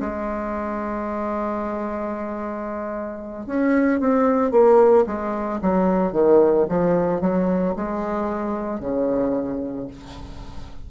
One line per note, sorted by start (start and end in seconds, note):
0.00 3.46 G#3
3.46 3.99 C#4
3.99 4.51 C4
4.51 5.05 A#3
5.06 5.60 G#3
5.61 6.12 F#3
6.12 6.66 D#3
6.69 7.20 F3
7.20 7.74 F#3
7.76 8.80 G#3
8.80 9.87 C#3